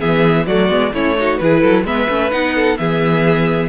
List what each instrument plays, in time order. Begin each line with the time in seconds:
0.00 cello E3, viola B3, violin G#4 E5
0.47 cello F#3, viola A3, violin F#4 D5
0.69 cello G#3, viola B3
0.94 cello A3, viola C#4, violin E4 C#5
1.17 viola D#4, violin F#4
1.38 cello E3, viola E4, violin G#4 B4
1.61 cello F#3, violin A4
1.85 cello G#3, viola B3, violin B4 E5
2.09 cello A3, viola C#4
2.31 cello B3, viola D#4, violin F#5
2.56 violin A4
2.78 cello E3, viola B3, violin G#4 E5